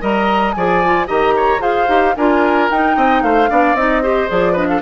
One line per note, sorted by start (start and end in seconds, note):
0.00 0.55 G3
0.00 0.54 A#4
0.00 0.54 D#5
0.00 0.52 A#5
0.52 1.09 F3
0.52 0.83 G#4
0.52 1.07 D5
0.52 1.06 G#5
0.85 1.07 F4
1.07 1.59 D#3
1.07 1.59 G4
1.07 1.34 D#5
1.07 1.62 A#5
1.36 1.61 C#5
1.59 1.86 F4
1.59 1.86 G#4
1.59 2.15 C5
1.59 2.15 F5
1.87 2.15 D#4
1.87 2.14 G4
2.16 2.70 D4
2.16 2.72 F4
2.16 2.96 A#4
2.16 2.69 G#5
2.70 2.96 D#4
2.70 3.48 D#4
2.70 3.22 G5
2.96 3.22 C4
2.96 3.23 D#5
3.22 3.49 A3
3.22 3.50 C5
3.22 3.75 F5
3.48 3.74 B3
3.48 3.75 D4
3.48 4.02 D5
3.74 4.28 C4
3.74 4.03 D#4
3.74 4.29 D#5
4.02 4.28 G4
4.02 4.52 C5
4.28 4.81 F3
4.28 4.55 G#4
4.28 4.55 D5
4.52 4.81 D4
4.52 4.66 B4
4.52 4.68 D#5
4.68 4.81 A4
4.68 4.81 F5